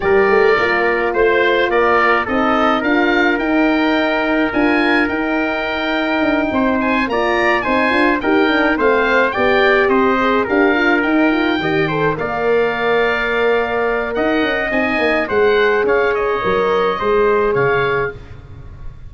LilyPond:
<<
  \new Staff \with { instrumentName = "oboe" } { \time 4/4 \tempo 4 = 106 d''2 c''4 d''4 | dis''4 f''4 g''2 | gis''4 g''2. | gis''8 ais''4 gis''4 g''4 f''8~ |
f''8 g''4 dis''4 f''4 g''8~ | g''4. f''2~ f''8~ | f''4 fis''4 gis''4 fis''4 | f''8 dis''2~ dis''8 f''4 | }
  \new Staff \with { instrumentName = "trumpet" } { \time 4/4 ais'2 c''4 ais'4 | a'4 ais'2.~ | ais'2.~ ais'8 c''8~ | c''8 d''4 c''4 ais'4 c''8~ |
c''8 d''4 c''4 ais'4.~ | ais'8 dis''8 c''8 d''2~ d''8~ | d''4 dis''2 c''4 | cis''2 c''4 cis''4 | }
  \new Staff \with { instrumentName = "horn" } { \time 4/4 g'4 f'2. | dis'4 f'4 dis'2 | f'4 dis'2.~ | dis'8 f'4 dis'8 f'8 g'8 d'8 c'8~ |
c'8 g'4. gis'8 g'8 f'8 dis'8 | f'8 g'8 a'8 ais'2~ ais'8~ | ais'2 dis'4 gis'4~ | gis'4 ais'4 gis'2 | }
  \new Staff \with { instrumentName = "tuba" } { \time 4/4 g8 a8 ais4 a4 ais4 | c'4 d'4 dis'2 | d'4 dis'2 d'8 c'8~ | c'8 ais4 c'8 d'8 dis'4 a8~ |
a8 b4 c'4 d'4 dis'8~ | dis'8 dis4 ais2~ ais8~ | ais4 dis'8 cis'8 c'8 ais8 gis4 | cis'4 fis4 gis4 cis4 | }
>>